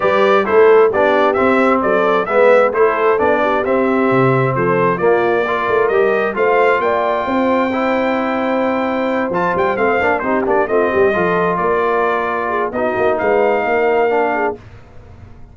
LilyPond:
<<
  \new Staff \with { instrumentName = "trumpet" } { \time 4/4 \tempo 4 = 132 d''4 c''4 d''4 e''4 | d''4 e''4 c''4 d''4 | e''2 c''4 d''4~ | d''4 dis''4 f''4 g''4~ |
g''1~ | g''8 a''8 g''8 f''4 c''8 d''8 dis''8~ | dis''4. d''2~ d''8 | dis''4 f''2. | }
  \new Staff \with { instrumentName = "horn" } { \time 4/4 b'4 a'4 g'2 | a'4 b'4 a'4. g'8~ | g'2 a'4 f'4 | ais'2 c''4 d''4 |
c''1~ | c''2~ c''8 g'4 f'8 | g'8 a'4 ais'2 gis'8 | fis'4 b'4 ais'4. gis'8 | }
  \new Staff \with { instrumentName = "trombone" } { \time 4/4 g'4 e'4 d'4 c'4~ | c'4 b4 e'4 d'4 | c'2. ais4 | f'4 g'4 f'2~ |
f'4 e'2.~ | e'8 f'4 c'8 d'8 dis'8 d'8 c'8~ | c'8 f'2.~ f'8 | dis'2. d'4 | }
  \new Staff \with { instrumentName = "tuba" } { \time 4/4 g4 a4 b4 c'4 | fis4 gis4 a4 b4 | c'4 c4 f4 ais4~ | ais8 a8 g4 a4 ais4 |
c'1~ | c'8 f8 g8 a8 ais8 c'8 ais8 a8 | g8 f4 ais2~ ais8 | b8 ais8 gis4 ais2 | }
>>